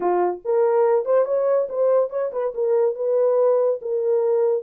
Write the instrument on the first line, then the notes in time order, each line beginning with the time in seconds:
horn
0.00 F4
0.45 A#4
1.05 C5
1.25 C#5
1.69 C5
2.10 C#5
2.32 B4
2.54 A#4
2.95 B4
3.81 A#4